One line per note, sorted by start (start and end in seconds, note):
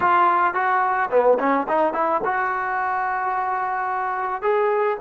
0.00 0.54 F4
0.54 1.09 F#4
1.10 1.38 B3
1.39 1.66 C#4
1.68 1.93 D#4
1.93 2.21 E4
2.24 4.42 F#4
4.42 4.97 G#4